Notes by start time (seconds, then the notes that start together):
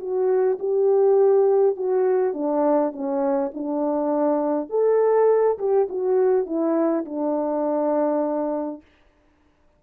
0.00 F#4
0.60 G4
1.77 F#4
2.34 D4
2.93 C#4
3.54 D4
4.70 A4
5.59 G4
5.90 F#4
6.46 E4
7.06 D4